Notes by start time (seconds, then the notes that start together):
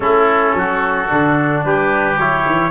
0.00 A3 C#4 E4 A4
0.54 F#3 F#4
1.08 D3 D4
1.64 G3 G4 B4
2.18 F#3 E4 C#5
2.46 E3